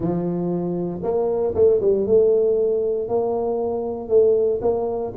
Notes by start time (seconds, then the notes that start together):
0.00 F3
1.03 A#3
1.54 A3
1.81 G3
2.06 A3
3.08 A#3
4.09 A3
4.61 A#3